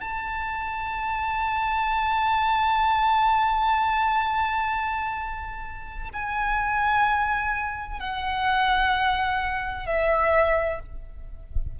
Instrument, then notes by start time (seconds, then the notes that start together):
violin
0.00 A5
6.13 G#5
7.99 F#5
9.86 E5